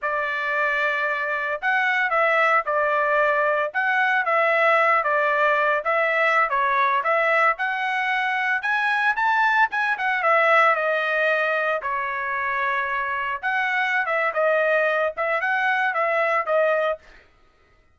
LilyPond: \new Staff \with { instrumentName = "trumpet" } { \time 4/4 \tempo 4 = 113 d''2. fis''4 | e''4 d''2 fis''4 | e''4. d''4. e''4~ | e''16 cis''4 e''4 fis''4.~ fis''16~ |
fis''16 gis''4 a''4 gis''8 fis''8 e''8.~ | e''16 dis''2 cis''4.~ cis''16~ | cis''4~ cis''16 fis''4~ fis''16 e''8 dis''4~ | dis''8 e''8 fis''4 e''4 dis''4 | }